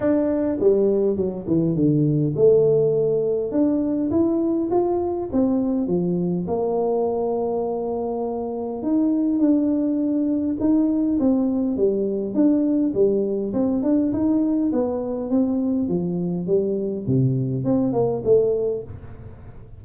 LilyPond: \new Staff \with { instrumentName = "tuba" } { \time 4/4 \tempo 4 = 102 d'4 g4 fis8 e8 d4 | a2 d'4 e'4 | f'4 c'4 f4 ais4~ | ais2. dis'4 |
d'2 dis'4 c'4 | g4 d'4 g4 c'8 d'8 | dis'4 b4 c'4 f4 | g4 c4 c'8 ais8 a4 | }